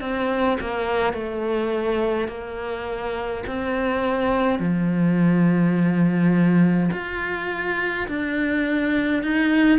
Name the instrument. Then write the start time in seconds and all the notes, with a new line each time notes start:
cello
0.00 C4
0.60 A#3
1.13 A3
2.28 A#3
3.46 C4
4.59 F3
6.92 F4
8.08 D4
9.23 D#4